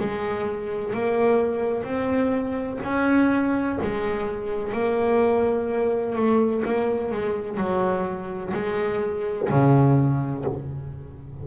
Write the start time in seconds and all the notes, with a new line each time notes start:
0.00 G#3
0.94 A#3
1.84 C4
2.84 C#4
3.82 G#3
4.73 A#3
6.16 A3
6.65 A#3
7.12 G#3
7.58 F#3
8.54 G#3
9.50 C#3